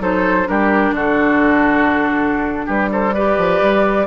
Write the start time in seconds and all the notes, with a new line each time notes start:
0.00 F#3 D#4 A4 C5
0.45 G3 D4 G4 A#4
0.92 D3 F#4 A4
2.66 G3 G4 B4
2.92 A4 C5
3.14 G4 B4 D5
3.37 F3
3.61 G3